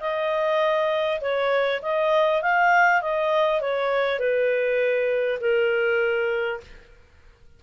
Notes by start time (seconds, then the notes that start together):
0.00 D#5
1.21 C#5
1.82 D#5
2.42 F5
3.01 D#5
3.61 C#5
4.19 B4
5.40 A#4